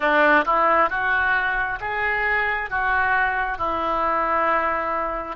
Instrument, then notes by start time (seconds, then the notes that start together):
oboe
0.00 D4
0.45 E4
0.90 F#4
1.80 G#4
2.69 F#4
3.58 E4